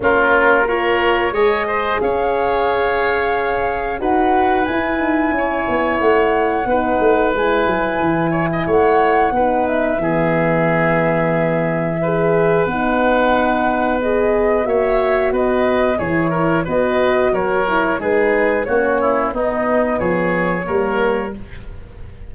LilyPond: <<
  \new Staff \with { instrumentName = "flute" } { \time 4/4 \tempo 4 = 90 ais'4 cis''4 dis''4 f''4~ | f''2 fis''4 gis''4~ | gis''4 fis''2 gis''4~ | gis''4 fis''4. e''4.~ |
e''2. fis''4~ | fis''4 dis''4 e''4 dis''4 | cis''4 dis''4 cis''4 b'4 | cis''4 dis''4 cis''2 | }
  \new Staff \with { instrumentName = "oboe" } { \time 4/4 f'4 ais'4 cis''8 c''8 cis''4~ | cis''2 b'2 | cis''2 b'2~ | b'8 cis''16 dis''16 cis''4 b'4 gis'4~ |
gis'2 b'2~ | b'2 cis''4 b'4 | gis'8 ais'8 b'4 ais'4 gis'4 | fis'8 e'8 dis'4 gis'4 ais'4 | }
  \new Staff \with { instrumentName = "horn" } { \time 4/4 cis'4 f'4 gis'2~ | gis'2 fis'4 e'4~ | e'2 dis'4 e'4~ | e'2 dis'4 b4~ |
b2 gis'4 dis'4~ | dis'4 gis'4 fis'2 | e'4 fis'4. e'8 dis'4 | cis'4 b2 ais4 | }
  \new Staff \with { instrumentName = "tuba" } { \time 4/4 ais2 gis4 cis'4~ | cis'2 dis'4 e'8 dis'8 | cis'8 b8 a4 b8 a8 gis8 fis8 | e4 a4 b4 e4~ |
e2. b4~ | b2 ais4 b4 | e4 b4 fis4 gis4 | ais4 b4 f4 g4 | }
>>